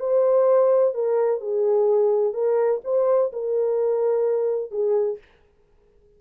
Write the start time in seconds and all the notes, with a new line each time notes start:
0.00 C5
0.94 A#4
1.41 G#4
2.34 A#4
2.84 C5
3.33 A#4
4.71 G#4